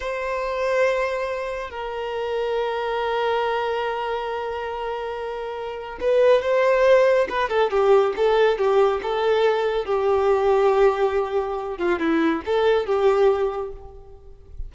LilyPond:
\new Staff \with { instrumentName = "violin" } { \time 4/4 \tempo 4 = 140 c''1 | ais'1~ | ais'1~ | ais'2 b'4 c''4~ |
c''4 b'8 a'8 g'4 a'4 | g'4 a'2 g'4~ | g'2.~ g'8 f'8 | e'4 a'4 g'2 | }